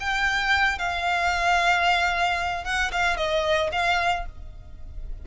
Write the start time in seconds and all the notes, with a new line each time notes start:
0.00 G5
0.79 F5
2.64 F#5
2.92 F5
3.17 D#5
3.72 F5